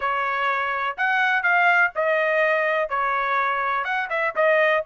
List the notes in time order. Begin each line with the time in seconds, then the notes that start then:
0.00 C#5
0.97 F#5
1.43 F5
1.95 D#5
2.89 C#5
3.84 F#5
4.09 E5
4.35 D#5